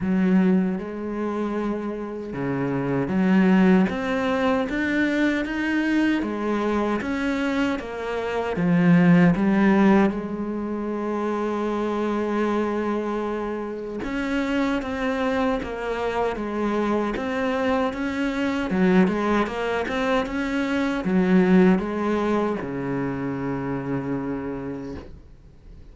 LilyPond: \new Staff \with { instrumentName = "cello" } { \time 4/4 \tempo 4 = 77 fis4 gis2 cis4 | fis4 c'4 d'4 dis'4 | gis4 cis'4 ais4 f4 | g4 gis2.~ |
gis2 cis'4 c'4 | ais4 gis4 c'4 cis'4 | fis8 gis8 ais8 c'8 cis'4 fis4 | gis4 cis2. | }